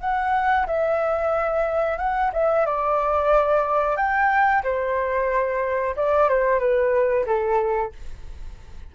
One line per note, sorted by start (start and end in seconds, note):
0.00 0.66 F#5
0.67 1.98 E5
1.98 2.31 F#5
2.33 2.66 E5
2.66 3.96 D5
3.96 4.62 G5
4.63 5.95 C5
5.96 6.29 D5
6.29 6.59 C5
6.59 7.25 B4
7.26 7.92 A4